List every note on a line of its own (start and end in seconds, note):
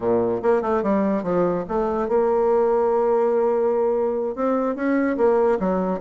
0.00 0.41 A#2
0.42 0.62 A#3
0.62 0.82 A3
0.82 1.23 G3
1.23 1.64 F3
1.68 2.08 A3
2.08 4.35 A#3
4.35 4.75 C4
4.75 5.16 C#4
5.17 5.58 A#3
5.59 6.00 F#3